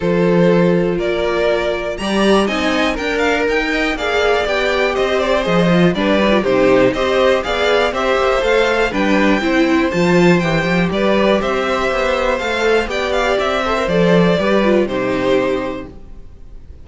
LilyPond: <<
  \new Staff \with { instrumentName = "violin" } { \time 4/4 \tempo 4 = 121 c''2 d''2 | ais''4 gis''4 g''8 f''8 g''4 | f''4 g''4 dis''8 d''8 dis''4 | d''4 c''4 dis''4 f''4 |
e''4 f''4 g''2 | a''4 g''4 d''4 e''4~ | e''4 f''4 g''8 f''8 e''4 | d''2 c''2 | }
  \new Staff \with { instrumentName = "violin" } { \time 4/4 a'2 ais'2 | d''4 dis''4 ais'4. dis''8 | d''2 c''2 | b'4 g'4 c''4 d''4 |
c''2 b'4 c''4~ | c''2 b'4 c''4~ | c''2 d''4. c''8~ | c''4 b'4 g'2 | }
  \new Staff \with { instrumentName = "viola" } { \time 4/4 f'1 | g'4 dis'4 ais'2 | gis'4 g'2 gis'8 f'8 | d'8 dis'16 f'16 dis'4 g'4 gis'4 |
g'4 a'4 d'4 e'4 | f'4 g'2.~ | g'4 a'4 g'4. a'16 ais'16 | a'4 g'8 f'8 dis'2 | }
  \new Staff \with { instrumentName = "cello" } { \time 4/4 f2 ais2 | g4 c'4 d'4 dis'4 | ais4 b4 c'4 f4 | g4 c4 c'4 b4 |
c'8 ais8 a4 g4 c'4 | f4 e8 f8 g4 c'4 | b4 a4 b4 c'4 | f4 g4 c2 | }
>>